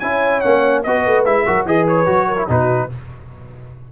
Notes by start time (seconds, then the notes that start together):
0.00 C#4 E4 C#5 G#5
0.41 A#3 C#4 F#5
0.84 B3 F#4 B4 D#5
1.06 A3
1.25 G#3 E4 E5
1.46 F#3 F#4 A#4
1.66 E3 G#4 B4 D#5
1.88 C#5
2.06 F#3 F#4
2.28 A#4
2.37 E4
2.48 B2 D#4 F#4 B4